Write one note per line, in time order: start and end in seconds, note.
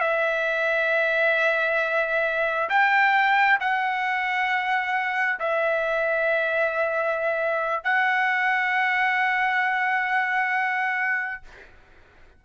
0.00 2.69 E5
2.69 3.59 G5
3.60 5.39 F#5
5.39 7.84 E5
7.84 11.42 F#5